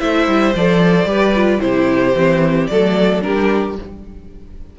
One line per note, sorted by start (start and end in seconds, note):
0.00 0.28 A3
0.00 0.54 E4
0.00 1.09 C5
0.00 0.54 E5
0.28 0.55 G3
0.56 1.06 F3
0.56 1.06 A4
0.56 1.61 D5
1.06 1.59 G3
1.06 1.33 G4
1.06 1.63 B4
1.36 1.60 F4
1.60 2.15 C3
1.60 2.13 E4
1.60 2.72 G4
1.60 2.68 C5
2.15 2.68 E3
2.15 2.70 C4
2.68 3.25 F#3
2.68 3.22 A3
2.68 3.25 A4
2.68 3.21 D5
3.22 3.79 G3
3.22 3.76 D4
3.22 3.79 G4
3.22 3.77 A#4